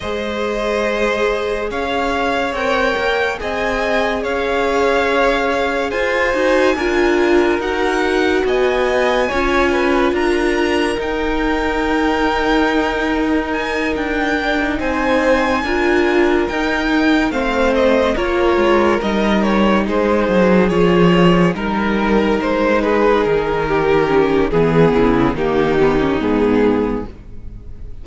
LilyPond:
<<
  \new Staff \with { instrumentName = "violin" } { \time 4/4 \tempo 4 = 71 dis''2 f''4 g''4 | gis''4 f''2 gis''4~ | gis''4 fis''4 gis''2 | ais''4 g''2. |
gis''8 g''4 gis''2 g''8~ | g''8 f''8 dis''8 cis''4 dis''8 cis''8 c''8~ | c''8 cis''4 ais'4 c''8 b'8 ais'8~ | ais'4 gis'4 g'4 gis'4 | }
  \new Staff \with { instrumentName = "violin" } { \time 4/4 c''2 cis''2 | dis''4 cis''2 c''4 | ais'2 dis''4 cis''8 b'8 | ais'1~ |
ais'4. c''4 ais'4.~ | ais'8 c''4 ais'2 gis'8~ | gis'4. ais'4. gis'4 | g'4 gis'8 e'8 dis'2 | }
  \new Staff \with { instrumentName = "viola" } { \time 4/4 gis'2. ais'4 | gis'2.~ gis'8 fis'8 | f'4 fis'2 f'4~ | f'4 dis'2.~ |
dis'4 d'16 dis'4~ dis'16 f'4 dis'8~ | dis'8 c'4 f'4 dis'4.~ | dis'8 f'4 dis'2~ dis'8~ | dis'8 cis'8 b4 ais8 b16 cis'16 b4 | }
  \new Staff \with { instrumentName = "cello" } { \time 4/4 gis2 cis'4 c'8 ais8 | c'4 cis'2 f'8 dis'8 | d'4 dis'4 b4 cis'4 | d'4 dis'2.~ |
dis'8 d'4 c'4 d'4 dis'8~ | dis'8 a4 ais8 gis8 g4 gis8 | fis8 f4 g4 gis4 dis8~ | dis4 e8 cis8 dis4 gis,4 | }
>>